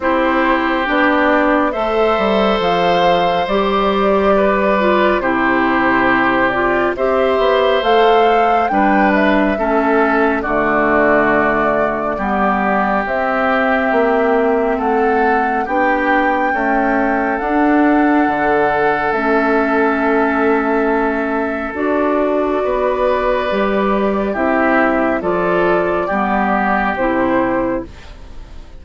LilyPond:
<<
  \new Staff \with { instrumentName = "flute" } { \time 4/4 \tempo 4 = 69 c''4 d''4 e''4 f''4 | d''2 c''4. d''8 | e''4 f''4 g''8 e''4. | d''2. e''4~ |
e''4 fis''4 g''2 | fis''2 e''2~ | e''4 d''2. | e''4 d''2 c''4 | }
  \new Staff \with { instrumentName = "oboe" } { \time 4/4 g'2 c''2~ | c''4 b'4 g'2 | c''2 b'4 a'4 | fis'2 g'2~ |
g'4 a'4 g'4 a'4~ | a'1~ | a'2 b'2 | g'4 a'4 g'2 | }
  \new Staff \with { instrumentName = "clarinet" } { \time 4/4 e'4 d'4 a'2 | g'4. f'8 e'4. f'8 | g'4 a'4 d'4 cis'4 | a2 b4 c'4~ |
c'2 d'4 a4 | d'2 cis'2~ | cis'4 fis'2 g'4 | e'4 f'4 b4 e'4 | }
  \new Staff \with { instrumentName = "bassoon" } { \time 4/4 c'4 b4 a8 g8 f4 | g2 c2 | c'8 b8 a4 g4 a4 | d2 g4 c'4 |
ais4 a4 b4 cis'4 | d'4 d4 a2~ | a4 d'4 b4 g4 | c'4 f4 g4 c4 | }
>>